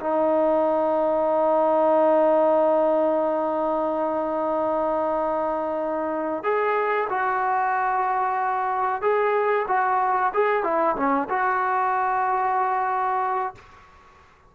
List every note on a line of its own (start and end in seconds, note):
0.00 6.43 D#4
6.43 7.08 G#4
7.09 9.01 F#4
9.01 9.66 G#4
9.68 10.32 F#4
10.33 10.63 G#4
10.63 10.96 E4
10.96 11.28 C#4
11.29 13.55 F#4